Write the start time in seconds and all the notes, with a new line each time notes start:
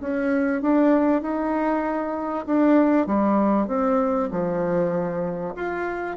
0.00 C#4
0.62 D4
1.21 D#4
2.46 D4
3.06 G3
3.67 C4
4.31 F3
5.56 F4